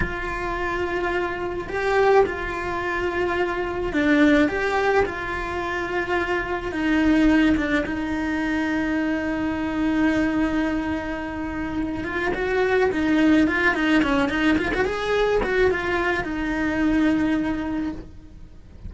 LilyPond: \new Staff \with { instrumentName = "cello" } { \time 4/4 \tempo 4 = 107 f'2. g'4 | f'2. d'4 | g'4 f'2. | dis'4. d'8 dis'2~ |
dis'1~ | dis'4. f'8 fis'4 dis'4 | f'8 dis'8 cis'8 dis'8 f'16 fis'16 gis'4 fis'8 | f'4 dis'2. | }